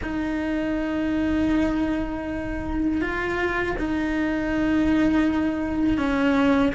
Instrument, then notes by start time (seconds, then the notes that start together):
cello
0.02 D#4
3.01 F4
3.78 D#4
5.97 C#4